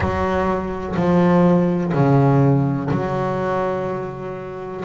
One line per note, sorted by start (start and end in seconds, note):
0.00 0.95 F#3
0.95 1.92 F3
1.93 2.90 C#3
2.90 4.84 F#3